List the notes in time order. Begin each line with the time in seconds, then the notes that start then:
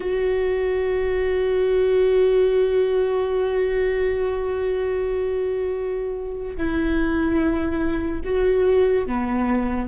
0.00 F#4
6.56 E4
8.24 F#4
9.06 B3